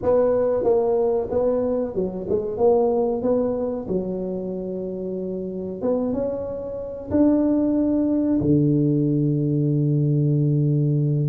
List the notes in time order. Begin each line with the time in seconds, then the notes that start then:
0.02 B3
0.63 A#3
1.30 B3
1.94 F#3
2.29 G#3
2.57 A#3
3.22 B3
3.87 F#3
5.81 B3
6.13 C#4
7.10 D4
8.40 D3